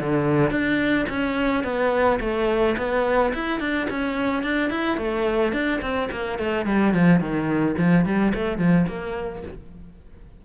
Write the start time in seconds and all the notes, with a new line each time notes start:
0.00 D3
0.51 D4
1.09 C#4
1.64 B3
2.20 A3
2.77 B3
3.34 E4
3.60 D4
3.90 C#4
4.43 D4
4.70 E4
4.97 A3
5.53 D4
5.82 C4
6.12 A#3
6.39 A3
6.66 G3
6.94 F3
7.20 D#3
7.78 F3
8.05 G3
8.35 A3
8.58 F3
8.88 A#3